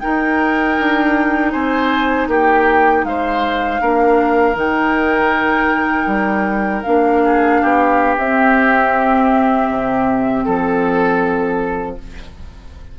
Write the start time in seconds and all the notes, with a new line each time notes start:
0.00 D#4 A#4 G5
0.79 D4
1.52 C4 C5 G#5
2.28 A#3 G4 G5
3.05 G#3 C5 F5
3.81 A#3 D4 A#4
4.54 D#3 D#4 G5
6.06 G3
6.83 A#3 D4 F5
7.25 G#4
7.62 B3 G4
8.18 C4 E5
9.70 C3
10.45 F3 A4